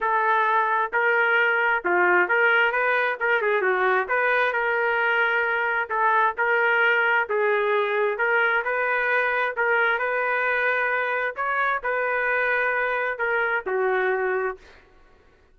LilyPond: \new Staff \with { instrumentName = "trumpet" } { \time 4/4 \tempo 4 = 132 a'2 ais'2 | f'4 ais'4 b'4 ais'8 gis'8 | fis'4 b'4 ais'2~ | ais'4 a'4 ais'2 |
gis'2 ais'4 b'4~ | b'4 ais'4 b'2~ | b'4 cis''4 b'2~ | b'4 ais'4 fis'2 | }